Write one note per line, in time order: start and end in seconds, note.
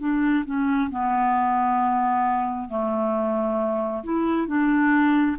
0.00 0.45 D4
0.45 0.90 C#4
0.91 2.69 B3
2.69 4.03 A3
4.04 4.47 E4
4.47 5.37 D4